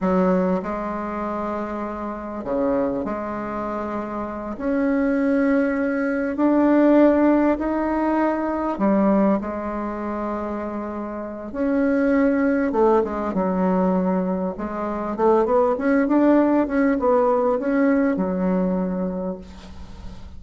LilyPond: \new Staff \with { instrumentName = "bassoon" } { \time 4/4 \tempo 4 = 99 fis4 gis2. | cis4 gis2~ gis8 cis'8~ | cis'2~ cis'8 d'4.~ | d'8 dis'2 g4 gis8~ |
gis2. cis'4~ | cis'4 a8 gis8 fis2 | gis4 a8 b8 cis'8 d'4 cis'8 | b4 cis'4 fis2 | }